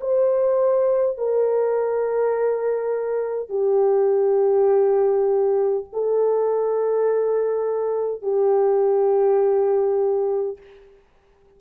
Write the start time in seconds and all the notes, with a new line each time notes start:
0.00 C5
1.17 A#4
3.49 G4
5.93 A4
8.21 G4